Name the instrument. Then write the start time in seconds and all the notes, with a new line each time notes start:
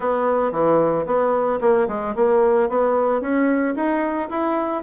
bassoon
0.00 B3
0.51 E3
1.06 B3
1.60 A#3
1.88 G#3
2.15 A#3
2.69 B3
3.21 C#4
3.75 D#4
4.29 E4